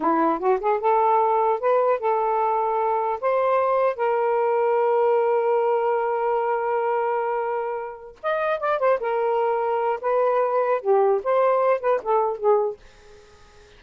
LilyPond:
\new Staff \with { instrumentName = "saxophone" } { \time 4/4 \tempo 4 = 150 e'4 fis'8 gis'8 a'2 | b'4 a'2. | c''2 ais'2~ | ais'1~ |
ais'1~ | ais'8 dis''4 d''8 c''8 ais'4.~ | ais'4 b'2 g'4 | c''4. b'8 a'4 gis'4 | }